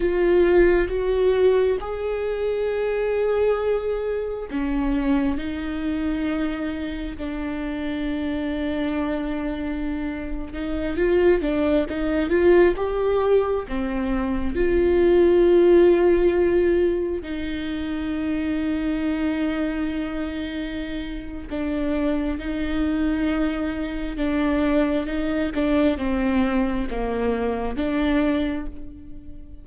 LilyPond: \new Staff \with { instrumentName = "viola" } { \time 4/4 \tempo 4 = 67 f'4 fis'4 gis'2~ | gis'4 cis'4 dis'2 | d'2.~ d'8. dis'16~ | dis'16 f'8 d'8 dis'8 f'8 g'4 c'8.~ |
c'16 f'2. dis'8.~ | dis'1 | d'4 dis'2 d'4 | dis'8 d'8 c'4 ais4 d'4 | }